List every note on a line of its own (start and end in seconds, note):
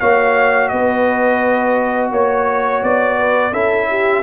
0.00 0.72 A#3
0.00 3.53 F#4
0.00 0.71 C#5
0.00 0.69 F5
0.69 2.12 B3
0.69 2.12 B4
0.69 2.10 D#5
2.12 2.82 A#3
2.12 3.17 C#5
2.12 2.84 C#5
2.83 3.53 B3
2.83 3.54 D5
3.19 3.52 B4
3.52 4.23 C#4
3.52 4.23 E4
3.52 3.88 A4
3.52 4.23 E5
3.89 4.23 G4